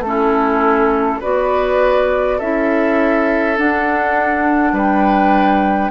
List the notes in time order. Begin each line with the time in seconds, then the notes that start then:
0.00 A3 C#4 A4
0.07 E4
1.20 B3 F#4 B4 D5
2.38 C#4 E4 A4 E5
3.57 D4 F#5
4.73 G3 B4 G5